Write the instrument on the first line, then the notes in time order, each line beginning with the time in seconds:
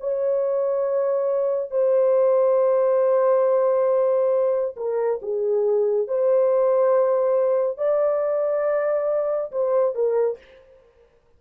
horn
0.00 C#5
1.71 C5
4.77 A#4
5.22 G#4
6.08 C5
7.77 D5
9.52 C5
9.95 A#4